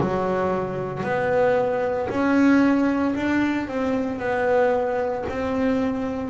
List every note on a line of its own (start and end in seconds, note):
0.00 1.03 F#3
1.03 2.09 B3
2.09 3.14 C#4
3.15 3.67 D4
3.67 4.19 C4
4.19 5.24 B3
5.29 6.30 C4